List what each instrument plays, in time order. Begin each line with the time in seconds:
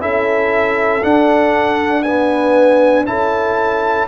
0.00 tuba C#4, trombone E4, horn A4, trumpet E5
1.03 trombone D4, tuba D4, trumpet F#5
2.03 trombone B3, horn B4, trumpet G#5
3.06 tuba C#4, trombone E4, horn A4, trumpet A5